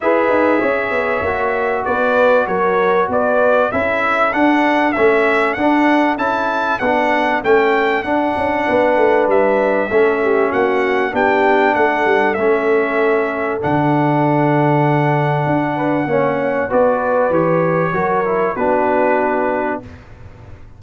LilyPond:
<<
  \new Staff \with { instrumentName = "trumpet" } { \time 4/4 \tempo 4 = 97 e''2. d''4 | cis''4 d''4 e''4 fis''4 | e''4 fis''4 a''4 fis''4 | g''4 fis''2 e''4~ |
e''4 fis''4 g''4 fis''4 | e''2 fis''2~ | fis''2. d''4 | cis''2 b'2 | }
  \new Staff \with { instrumentName = "horn" } { \time 4/4 b'4 cis''2 b'4 | ais'4 b'4 a'2~ | a'1~ | a'2 b'2 |
a'8 g'8 fis'4 g'4 a'4~ | a'1~ | a'4. b'8 cis''4 b'4~ | b'4 ais'4 fis'2 | }
  \new Staff \with { instrumentName = "trombone" } { \time 4/4 gis'2 fis'2~ | fis'2 e'4 d'4 | cis'4 d'4 e'4 d'4 | cis'4 d'2. |
cis'2 d'2 | cis'2 d'2~ | d'2 cis'4 fis'4 | g'4 fis'8 e'8 d'2 | }
  \new Staff \with { instrumentName = "tuba" } { \time 4/4 e'8 dis'8 cis'8 b8 ais4 b4 | fis4 b4 cis'4 d'4 | a4 d'4 cis'4 b4 | a4 d'8 cis'8 b8 a8 g4 |
a4 ais4 b4 a8 g8 | a2 d2~ | d4 d'4 ais4 b4 | e4 fis4 b2 | }
>>